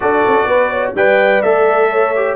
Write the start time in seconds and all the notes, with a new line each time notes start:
0.00 D4 F#4 A4 D5
0.27 C#4
0.44 B3 B4
0.70 C#5
0.94 G3 B4 D5 G5
1.42 A3 A4 E5
1.89 C#5
2.15 G4